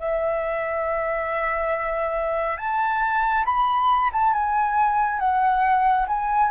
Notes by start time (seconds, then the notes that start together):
0.00 E5
2.58 A5
3.45 B5
4.13 A5
4.34 G#5
5.20 F#5
6.08 G#5